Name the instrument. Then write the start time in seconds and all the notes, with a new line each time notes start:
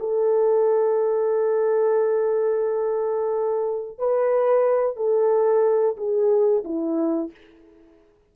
horn
0.00 A4
3.99 B4
4.97 A4
5.97 G#4
6.65 E4